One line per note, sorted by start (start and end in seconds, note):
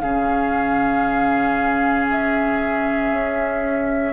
0.00 3.11 C#3
0.00 4.13 C#4
0.00 4.13 G#4
0.00 2.07 F5
2.10 4.13 E5
3.11 4.13 C#4